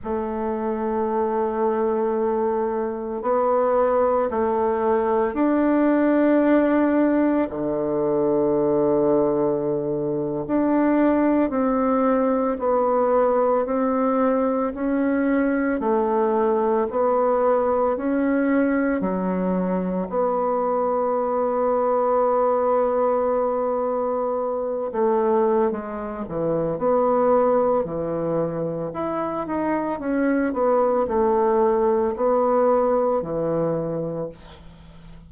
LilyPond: \new Staff \with { instrumentName = "bassoon" } { \time 4/4 \tempo 4 = 56 a2. b4 | a4 d'2 d4~ | d4.~ d16 d'4 c'4 b16~ | b8. c'4 cis'4 a4 b16~ |
b8. cis'4 fis4 b4~ b16~ | b2.~ b16 a8. | gis8 e8 b4 e4 e'8 dis'8 | cis'8 b8 a4 b4 e4 | }